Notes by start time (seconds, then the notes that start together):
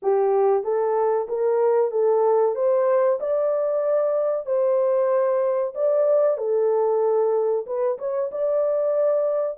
0.02 G4
0.63 A4
1.28 A#4
1.91 A4
2.55 C5
3.19 D5
4.46 C5
5.74 D5
6.37 A4
7.66 B4
7.98 C#5
8.32 D5